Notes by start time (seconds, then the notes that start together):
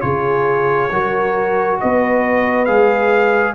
0.00 C#3 F4 G#4 C#5
0.91 F#3 F#4 A#4
1.80 B3 B4 D#5
2.65 G#3 G#4 F5